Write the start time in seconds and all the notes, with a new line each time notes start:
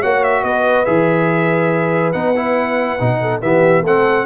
0.00 A#3 F#4 C#5 F#5
0.24 E5
0.44 B3 B4 D#5
0.85 E3 G#4 E5
2.13 B3 D#4 F#5
2.36 E4
2.99 B2 D#4
3.21 A4
3.41 E3 B3 G4 E5
3.82 A3 C4 A4 F#5